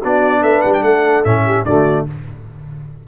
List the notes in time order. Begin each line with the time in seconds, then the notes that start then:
0.00 B3 D4 F#4 D5
0.42 A3 B4 E5
0.61 G3 F#5
0.73 G5
0.81 A3 A4 F#5
1.24 A2 C#4 E5
1.45 G4
1.65 D3 A3 F#4 D5